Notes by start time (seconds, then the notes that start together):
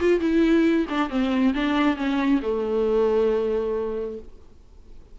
0.00 F4
0.20 E4
0.89 D4
1.10 C4
1.54 D4
1.97 C#4
2.42 A3